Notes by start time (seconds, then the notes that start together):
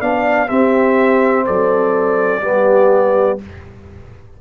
0.00 B3 D4 D5 F5
0.47 C4 G4 E5
1.46 F#3 A4 D5
2.41 G3 B3 G4